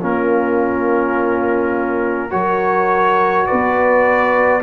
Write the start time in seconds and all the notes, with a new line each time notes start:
0.00 A#3 C#4 F4 A#4
2.31 F#3 F#4 A#4 C#5
3.47 B3 B4 D5